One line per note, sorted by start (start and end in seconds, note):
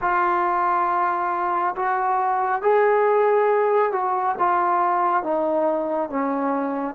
0.01 1.75 F4
1.75 2.62 F#4
2.62 3.92 G#4
3.92 4.35 F#4
4.38 5.23 F4
5.23 6.09 D#4
6.09 6.95 C#4